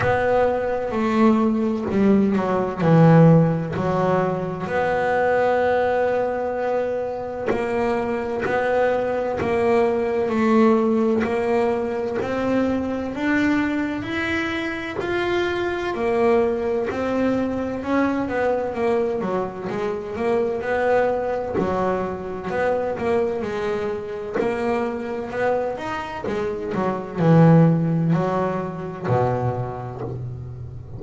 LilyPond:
\new Staff \with { instrumentName = "double bass" } { \time 4/4 \tempo 4 = 64 b4 a4 g8 fis8 e4 | fis4 b2. | ais4 b4 ais4 a4 | ais4 c'4 d'4 e'4 |
f'4 ais4 c'4 cis'8 b8 | ais8 fis8 gis8 ais8 b4 fis4 | b8 ais8 gis4 ais4 b8 dis'8 | gis8 fis8 e4 fis4 b,4 | }